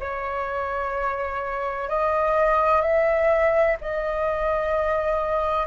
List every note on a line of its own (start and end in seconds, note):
0.00 1.89 C#5
1.89 2.82 D#5
2.82 3.77 E5
3.81 5.67 D#5